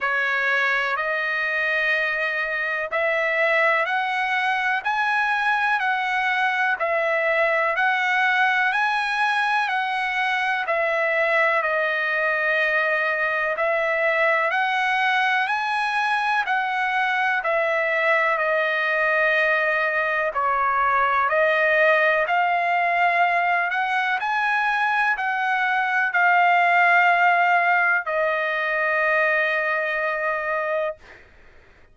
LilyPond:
\new Staff \with { instrumentName = "trumpet" } { \time 4/4 \tempo 4 = 62 cis''4 dis''2 e''4 | fis''4 gis''4 fis''4 e''4 | fis''4 gis''4 fis''4 e''4 | dis''2 e''4 fis''4 |
gis''4 fis''4 e''4 dis''4~ | dis''4 cis''4 dis''4 f''4~ | f''8 fis''8 gis''4 fis''4 f''4~ | f''4 dis''2. | }